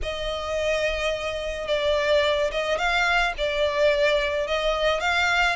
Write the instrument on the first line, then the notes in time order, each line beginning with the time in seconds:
violin
0.02 D#5
1.67 D5
2.51 D#5
2.78 F5
3.37 D5
4.47 D#5
5.00 F5